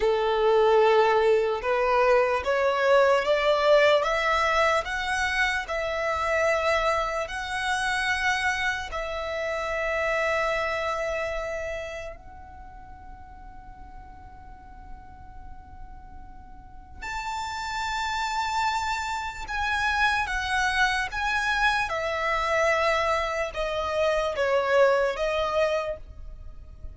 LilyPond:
\new Staff \with { instrumentName = "violin" } { \time 4/4 \tempo 4 = 74 a'2 b'4 cis''4 | d''4 e''4 fis''4 e''4~ | e''4 fis''2 e''4~ | e''2. fis''4~ |
fis''1~ | fis''4 a''2. | gis''4 fis''4 gis''4 e''4~ | e''4 dis''4 cis''4 dis''4 | }